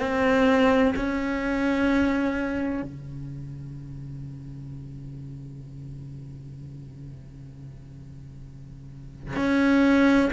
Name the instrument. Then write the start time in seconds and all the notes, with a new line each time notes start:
cello
0.00 C4
0.95 C#4
2.82 C#3
9.36 C#4